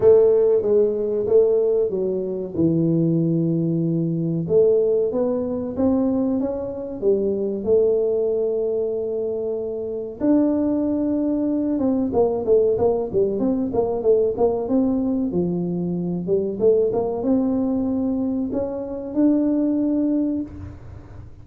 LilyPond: \new Staff \with { instrumentName = "tuba" } { \time 4/4 \tempo 4 = 94 a4 gis4 a4 fis4 | e2. a4 | b4 c'4 cis'4 g4 | a1 |
d'2~ d'8 c'8 ais8 a8 | ais8 g8 c'8 ais8 a8 ais8 c'4 | f4. g8 a8 ais8 c'4~ | c'4 cis'4 d'2 | }